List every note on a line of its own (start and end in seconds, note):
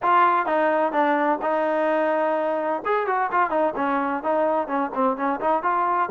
0.02 0.46 F4
0.46 0.92 D#4
0.92 1.39 D4
1.41 2.82 D#4
2.85 3.06 G#4
3.06 3.30 F#4
3.31 3.50 F4
3.50 3.73 D#4
3.76 4.23 C#4
4.23 4.67 D#4
4.67 4.90 C#4
4.94 5.16 C4
5.16 5.40 C#4
5.40 5.62 D#4
5.62 6.09 F4